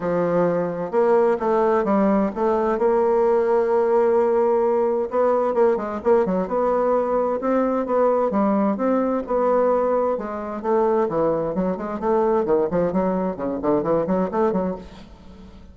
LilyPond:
\new Staff \with { instrumentName = "bassoon" } { \time 4/4 \tempo 4 = 130 f2 ais4 a4 | g4 a4 ais2~ | ais2. b4 | ais8 gis8 ais8 fis8 b2 |
c'4 b4 g4 c'4 | b2 gis4 a4 | e4 fis8 gis8 a4 dis8 f8 | fis4 cis8 d8 e8 fis8 a8 fis8 | }